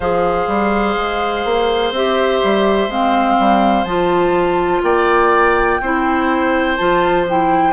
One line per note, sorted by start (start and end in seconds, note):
0.00 0.46 F3
0.00 1.95 G#4
0.00 4.81 C5
0.00 1.93 F5
0.47 0.95 G3
0.96 1.44 G#3
1.44 1.91 A#3
1.91 2.40 C4
1.91 2.89 G4
1.91 2.91 E5
2.43 2.88 G3
2.88 3.36 G#3
2.88 3.86 C4
2.88 3.84 F5
3.39 3.84 G3
3.84 4.81 F3
3.84 5.80 F4
3.84 4.81 A5
4.82 5.79 A#3
4.82 5.81 D5
4.82 6.76 G5
5.80 6.77 C4
5.80 6.78 E4
5.80 7.72 C5
6.76 7.72 F3
6.76 7.26 F4
6.76 7.25 A5
7.28 7.72 E4
7.28 7.72 G5